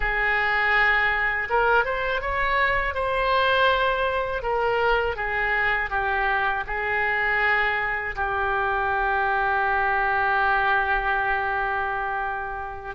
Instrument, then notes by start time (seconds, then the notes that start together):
oboe
0.00 G#4
1.49 A#4
1.84 C5
2.21 C#5
2.94 C5
4.42 A#4
5.16 G#4
5.90 G4
6.67 G#4
8.15 G4